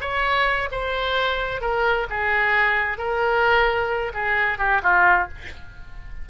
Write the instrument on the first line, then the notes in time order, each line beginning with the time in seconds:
oboe
0.00 C#5
0.71 C5
1.61 A#4
2.09 G#4
2.98 A#4
4.14 G#4
4.58 G4
4.82 F4